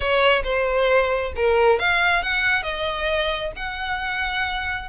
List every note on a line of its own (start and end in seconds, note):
0.00 0.42 C#5
0.43 1.32 C5
1.36 1.79 A#4
1.79 2.22 F5
2.22 2.63 F#5
2.63 3.52 D#5
3.56 4.89 F#5